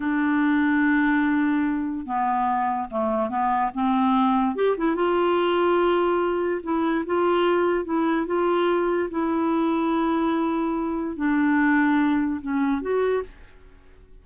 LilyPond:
\new Staff \with { instrumentName = "clarinet" } { \time 4/4 \tempo 4 = 145 d'1~ | d'4 b2 a4 | b4 c'2 g'8 e'8 | f'1 |
e'4 f'2 e'4 | f'2 e'2~ | e'2. d'4~ | d'2 cis'4 fis'4 | }